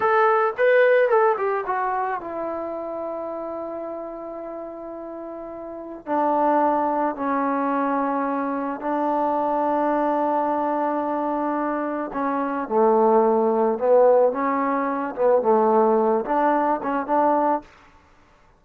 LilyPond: \new Staff \with { instrumentName = "trombone" } { \time 4/4 \tempo 4 = 109 a'4 b'4 a'8 g'8 fis'4 | e'1~ | e'2. d'4~ | d'4 cis'2. |
d'1~ | d'2 cis'4 a4~ | a4 b4 cis'4. b8 | a4. d'4 cis'8 d'4 | }